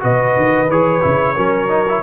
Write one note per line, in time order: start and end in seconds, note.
0.00 0.36 B2
0.00 0.67 F#4
0.00 1.36 B4
0.00 0.70 D#5
0.36 0.69 D#3
0.69 1.02 E3
0.69 1.02 G#4
0.69 2.03 C#5
1.02 1.38 C#3
1.02 1.35 E4
1.36 2.03 F#3
1.36 1.68 C#4
1.36 2.02 A#4
1.68 1.85 D#4
1.88 2.03 E4